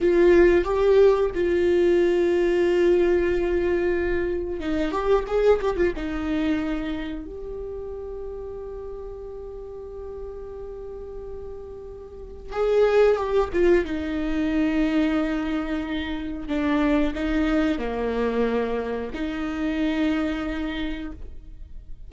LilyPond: \new Staff \with { instrumentName = "viola" } { \time 4/4 \tempo 4 = 91 f'4 g'4 f'2~ | f'2. dis'8 g'8 | gis'8 g'16 f'16 dis'2 g'4~ | g'1~ |
g'2. gis'4 | g'8 f'8 dis'2.~ | dis'4 d'4 dis'4 ais4~ | ais4 dis'2. | }